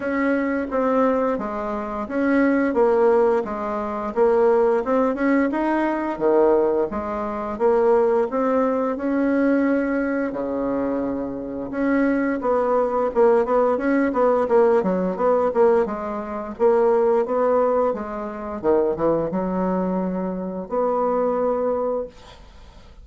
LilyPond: \new Staff \with { instrumentName = "bassoon" } { \time 4/4 \tempo 4 = 87 cis'4 c'4 gis4 cis'4 | ais4 gis4 ais4 c'8 cis'8 | dis'4 dis4 gis4 ais4 | c'4 cis'2 cis4~ |
cis4 cis'4 b4 ais8 b8 | cis'8 b8 ais8 fis8 b8 ais8 gis4 | ais4 b4 gis4 dis8 e8 | fis2 b2 | }